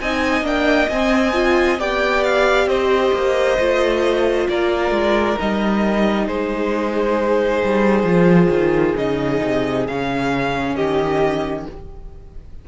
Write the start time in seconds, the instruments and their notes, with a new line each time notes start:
0.00 cello C4, viola D#4, violin D#5 G#5
0.42 cello A#3, viola D4, violin G5
0.89 cello C4, viola C4, violin G#5
1.33 viola F4
1.79 cello B3, viola G4, violin D5 G5
2.24 violin F5
2.66 cello C4, violin C5 D#5
3.13 cello A#3
3.58 cello A3, viola F4
4.49 cello A#3, violin A#4 D5
4.90 cello G#3
5.38 cello G3, viola D#4, violin D#5
6.27 cello G#3, violin G#4 C5
7.64 cello G3
8.03 cello F3, viola F4
8.49 cello D#3
8.96 cello C#3, viola D#4, violin D#5
9.43 cello C3
9.87 cello C#3, viola C#4, violin F5
10.76 cello D#3, violin G4 D#5